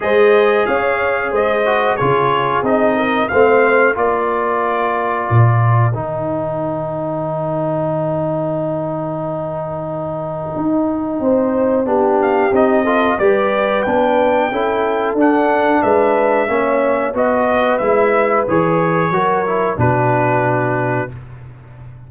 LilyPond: <<
  \new Staff \with { instrumentName = "trumpet" } { \time 4/4 \tempo 4 = 91 dis''4 f''4 dis''4 cis''4 | dis''4 f''4 d''2~ | d''4 g''2.~ | g''1~ |
g''2~ g''8 f''8 dis''4 | d''4 g''2 fis''4 | e''2 dis''4 e''4 | cis''2 b'2 | }
  \new Staff \with { instrumentName = "horn" } { \time 4/4 c''4 cis''4 c''4 gis'4~ | gis'8 ais'8 c''4 ais'2~ | ais'1~ | ais'1~ |
ais'4 c''4 g'4. a'8 | b'2 a'2 | b'4 cis''4 b'2~ | b'4 ais'4 fis'2 | }
  \new Staff \with { instrumentName = "trombone" } { \time 4/4 gis'2~ gis'8 fis'8 f'4 | dis'4 c'4 f'2~ | f'4 dis'2.~ | dis'1~ |
dis'2 d'4 dis'8 f'8 | g'4 d'4 e'4 d'4~ | d'4 cis'4 fis'4 e'4 | gis'4 fis'8 e'8 d'2 | }
  \new Staff \with { instrumentName = "tuba" } { \time 4/4 gis4 cis'4 gis4 cis4 | c'4 a4 ais2 | ais,4 dis2.~ | dis1 |
dis'4 c'4 b4 c'4 | g4 b4 cis'4 d'4 | gis4 ais4 b4 gis4 | e4 fis4 b,2 | }
>>